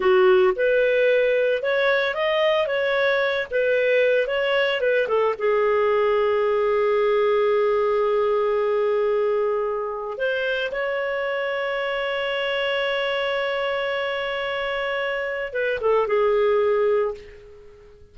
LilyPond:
\new Staff \with { instrumentName = "clarinet" } { \time 4/4 \tempo 4 = 112 fis'4 b'2 cis''4 | dis''4 cis''4. b'4. | cis''4 b'8 a'8 gis'2~ | gis'1~ |
gis'2. c''4 | cis''1~ | cis''1~ | cis''4 b'8 a'8 gis'2 | }